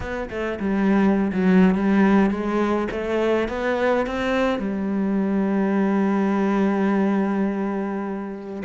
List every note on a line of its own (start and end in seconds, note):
0.00 0.29 B3
0.30 0.58 A3
0.59 1.31 G3
1.32 1.74 F#3
1.74 2.30 G3
2.30 2.88 G#3
2.91 3.48 A3
3.48 4.06 B3
4.06 4.59 C4
4.59 8.62 G3